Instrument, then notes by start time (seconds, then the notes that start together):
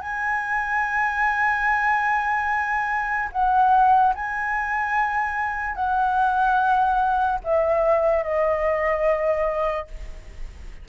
flute
0.00 G#5
3.31 F#5
4.14 G#5
5.75 F#5
7.43 E5
8.23 D#5